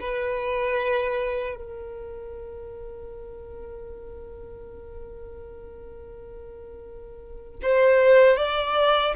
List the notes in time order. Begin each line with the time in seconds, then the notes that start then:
0.00 B4
1.56 A#4
7.62 C5
8.37 D5